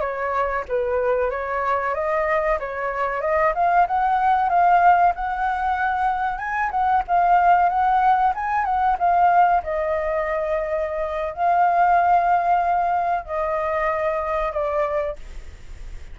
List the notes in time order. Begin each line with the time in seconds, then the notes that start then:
0.00 C#5
0.68 B4
1.30 C#5
1.94 D#5
2.59 C#5
3.21 D#5
3.55 F5
3.87 F#5
4.49 F5
5.15 F#5
6.38 G#5
6.71 F#5
7.07 F5
7.69 F#5
8.34 G#5
8.65 F#5
8.98 F5
9.63 D#5
11.33 F5
13.25 D#5
14.52 D5